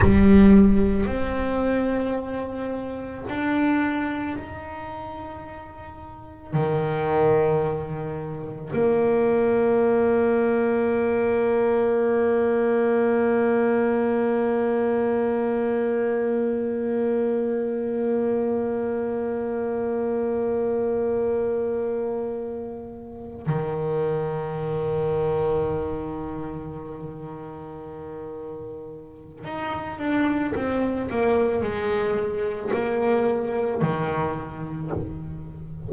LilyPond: \new Staff \with { instrumentName = "double bass" } { \time 4/4 \tempo 4 = 55 g4 c'2 d'4 | dis'2 dis2 | ais1~ | ais1~ |
ais1~ | ais4. dis2~ dis8~ | dis2. dis'8 d'8 | c'8 ais8 gis4 ais4 dis4 | }